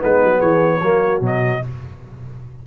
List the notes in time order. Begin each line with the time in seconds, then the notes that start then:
0.00 G#3 B3 D#4 B4
0.24 F#3
0.38 E3 G#4 C#5
0.81 F#3 A#3 F#4
1.21 B2 F#3 D#5